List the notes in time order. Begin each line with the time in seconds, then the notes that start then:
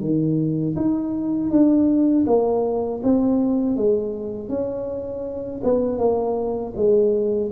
0.00 D#3
0.76 D#4
1.50 D4
2.26 A#3
3.03 C4
3.76 G#3
4.49 C#4
5.64 B3
5.98 A#3
6.76 G#3